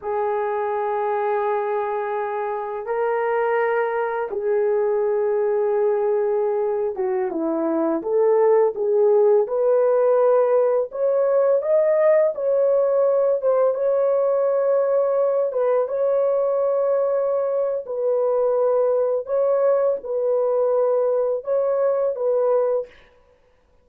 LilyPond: \new Staff \with { instrumentName = "horn" } { \time 4/4 \tempo 4 = 84 gis'1 | ais'2 gis'2~ | gis'4.~ gis'16 fis'8 e'4 a'8.~ | a'16 gis'4 b'2 cis''8.~ |
cis''16 dis''4 cis''4. c''8 cis''8.~ | cis''4.~ cis''16 b'8 cis''4.~ cis''16~ | cis''4 b'2 cis''4 | b'2 cis''4 b'4 | }